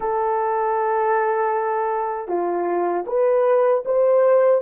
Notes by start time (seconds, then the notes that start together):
0.00 A4
2.27 F4
3.06 B4
3.85 C5